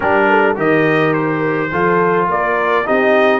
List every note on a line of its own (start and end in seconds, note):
0.00 0.57 G3
0.00 0.55 D4
0.00 0.26 G4
0.00 0.56 A#4
0.29 0.56 A4
0.55 1.71 D#3
0.55 1.69 G4
0.55 1.71 A#4
0.55 1.13 D#5
1.13 2.27 C5
1.71 2.28 F3
1.71 2.85 F4
1.71 2.28 A4
2.28 2.85 A#3
2.28 2.86 A#4
2.28 2.87 D5
2.85 3.40 C4
2.85 3.40 D#4
2.85 3.40 G4
2.85 3.40 D#5